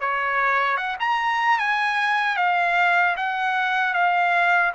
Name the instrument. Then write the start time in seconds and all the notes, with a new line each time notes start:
trumpet
0.00 C#5
0.77 F#5
0.99 A#5
1.58 G#5
2.36 F5
3.16 F#5
3.93 F5